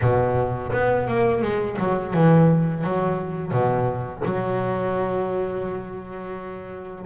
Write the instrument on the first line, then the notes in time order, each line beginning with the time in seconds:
double bass
0.01 B2
0.72 B3
1.07 A#3
1.41 G#3
1.78 F#3
2.13 E3
2.84 F#3
3.51 B2
4.24 F#3